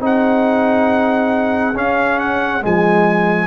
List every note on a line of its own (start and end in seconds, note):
0.00 1.74 C4
0.00 1.74 D#4
0.00 3.47 G#4
0.00 1.77 F#5
1.74 2.61 C#4
1.74 2.19 F5
2.19 2.62 F#5
2.61 3.47 F3
2.61 3.47 G#3
2.61 3.47 G#5